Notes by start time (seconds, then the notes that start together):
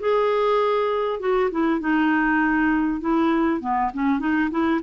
0.00 G#4
1.20 F#4
1.52 E4
1.81 D#4
3.01 E4
3.61 B3
3.94 C#4
4.20 D#4
4.51 E4